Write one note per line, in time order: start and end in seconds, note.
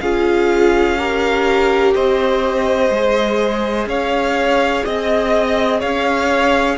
0.00 1.94 C#4
0.00 0.98 F4
0.00 0.98 G#4
0.00 1.94 F5
0.98 2.91 G4
0.98 1.95 A#4
1.94 2.90 C4
1.94 3.88 C5
1.94 3.88 D#5
2.90 3.86 G#3
2.90 6.77 G#4
3.86 4.83 C#4
3.86 4.84 C#5
3.86 4.85 F5
4.84 5.82 C4
4.84 5.79 D#5
4.84 5.81 D#5
5.79 6.77 C#4
5.79 6.76 C#5
5.79 6.77 F5